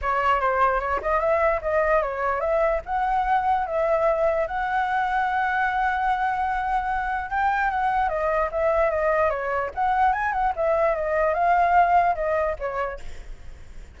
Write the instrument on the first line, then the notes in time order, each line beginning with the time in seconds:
flute
0.01 C#5
0.40 C5
0.79 C#5
1.02 D#5
1.20 E5
1.61 D#5
2.02 C#5
2.40 E5
2.85 F#5
3.66 E5
4.47 F#5
7.30 G5
7.70 F#5
8.08 D#5
8.51 E5
8.90 D#5
9.30 C#5
9.74 F#5
10.12 G#5
10.32 F#5
10.56 E5
10.95 D#5
11.34 F5
12.15 D#5
12.59 C#5